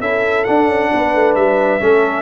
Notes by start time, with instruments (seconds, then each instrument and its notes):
0.00 tuba C#4, trombone E4, horn A4, trumpet E5
0.44 trombone D4, tuba D4, trumpet F#5
0.68 tuba C#4
0.93 tuba B3, horn B4
1.14 tuba A3
1.35 tuba G3, trumpet E5
1.80 tuba A3, trombone C#4, horn A4